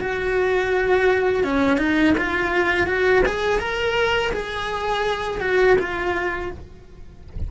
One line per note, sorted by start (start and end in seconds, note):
0.00 1.44 F#4
1.44 1.78 C#4
1.78 2.14 D#4
2.18 2.87 F4
2.87 3.23 F#4
3.25 3.59 G#4
3.59 4.31 A#4
4.32 5.41 G#4
5.41 5.77 F#4
5.79 6.51 F4